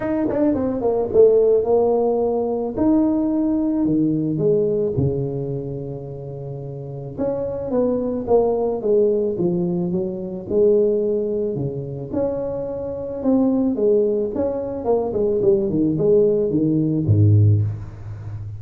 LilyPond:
\new Staff \with { instrumentName = "tuba" } { \time 4/4 \tempo 4 = 109 dis'8 d'8 c'8 ais8 a4 ais4~ | ais4 dis'2 dis4 | gis4 cis2.~ | cis4 cis'4 b4 ais4 |
gis4 f4 fis4 gis4~ | gis4 cis4 cis'2 | c'4 gis4 cis'4 ais8 gis8 | g8 dis8 gis4 dis4 gis,4 | }